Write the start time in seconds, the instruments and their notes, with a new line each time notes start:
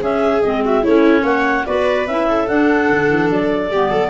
0.00 clarinet C#4 E5, tuba C#4, viola G#4
0.42 tuba G#3, clarinet C4 D#5
0.64 viola F#4, clarinet E5
0.82 tuba A3, clarinet C#4 C#5, viola E4
1.22 tuba A#3, viola C#5, clarinet F#5
1.65 tuba B3, clarinet F#4 D5, viola B4
2.06 tuba C#4, clarinet E4 E5
2.28 viola A4
2.47 clarinet D4 F#5, tuba D4
2.89 tuba D3
3.09 tuba E3
3.30 tuba F#3, clarinet D5
3.69 tuba G3, clarinet B3, viola G4
3.88 tuba F#3, viola A4